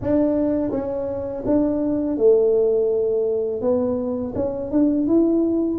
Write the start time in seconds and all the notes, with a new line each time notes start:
0.01 D4
0.71 C#4
1.46 D4
2.17 A3
3.61 B3
4.35 C#4
4.71 D4
5.07 E4